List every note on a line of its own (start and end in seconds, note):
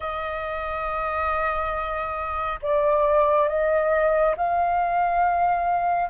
0.00 2.59 D#5
2.62 3.48 D5
3.48 4.35 D#5
4.36 6.09 F5